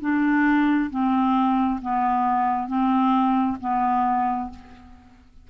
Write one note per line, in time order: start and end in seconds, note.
0.00 0.90 D4
0.90 1.80 C4
1.82 2.67 B3
2.67 3.57 C4
3.60 4.50 B3